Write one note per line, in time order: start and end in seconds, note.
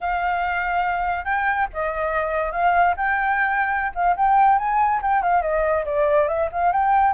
0.01 1.24 F5
1.24 1.67 G5
1.73 2.52 D#5
2.52 2.94 F5
2.96 3.92 G5
3.94 4.15 F5
4.16 4.58 G5
4.58 5.01 G#5
5.01 5.22 G5
5.22 5.42 F5
5.42 5.84 D#5
5.85 6.27 D5
6.28 6.49 E5
6.52 6.72 F5
6.72 7.13 G5